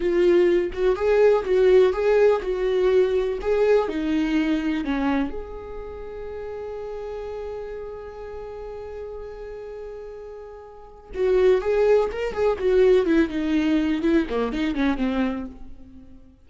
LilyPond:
\new Staff \with { instrumentName = "viola" } { \time 4/4 \tempo 4 = 124 f'4. fis'8 gis'4 fis'4 | gis'4 fis'2 gis'4 | dis'2 cis'4 gis'4~ | gis'1~ |
gis'1~ | gis'2. fis'4 | gis'4 ais'8 gis'8 fis'4 e'8 dis'8~ | dis'4 e'8 ais8 dis'8 cis'8 c'4 | }